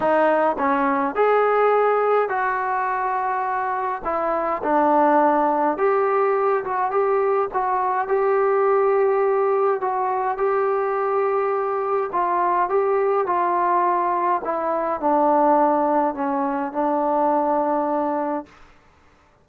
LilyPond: \new Staff \with { instrumentName = "trombone" } { \time 4/4 \tempo 4 = 104 dis'4 cis'4 gis'2 | fis'2. e'4 | d'2 g'4. fis'8 | g'4 fis'4 g'2~ |
g'4 fis'4 g'2~ | g'4 f'4 g'4 f'4~ | f'4 e'4 d'2 | cis'4 d'2. | }